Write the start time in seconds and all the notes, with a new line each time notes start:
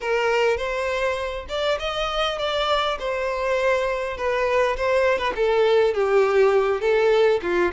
0.00 A#4
0.57 C5
1.49 D5
1.79 D#5
2.38 D5
2.99 C5
4.17 B4
4.77 C5
5.18 B4
5.35 A4
5.94 G4
6.80 A4
7.42 F4